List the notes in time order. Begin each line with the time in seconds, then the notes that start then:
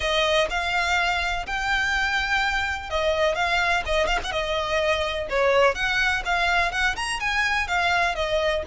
0.00 D#5
0.50 F5
1.46 G5
2.90 D#5
3.35 F5
3.85 D#5
4.07 F5
4.23 F#5
4.31 D#5
5.29 C#5
5.74 F#5
6.25 F5
6.71 F#5
6.96 A#5
7.20 G#5
7.67 F5
8.15 D#5